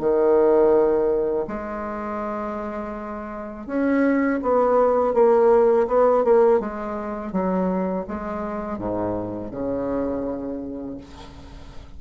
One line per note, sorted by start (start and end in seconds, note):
0.00 1.46 D#3
1.48 3.67 G#3
3.67 4.40 C#4
4.43 5.14 B3
5.14 5.87 A#3
5.88 6.25 B3
6.25 6.60 A#3
6.60 7.32 G#3
7.32 8.06 F#3
8.08 8.79 G#3
8.79 9.52 G#2
9.52 10.98 C#3